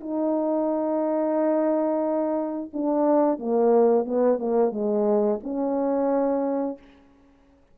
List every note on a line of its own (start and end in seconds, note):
0.00 2.70 D#4
2.73 3.38 D4
3.38 4.05 A#3
4.05 4.39 B3
4.39 4.72 A#3
4.72 5.39 G#3
5.43 6.78 C#4